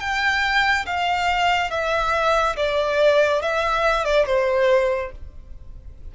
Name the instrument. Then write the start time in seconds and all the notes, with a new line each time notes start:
violin
0.00 G5
0.86 F5
1.70 E5
2.56 D5
3.42 E5
4.04 D5
4.26 C5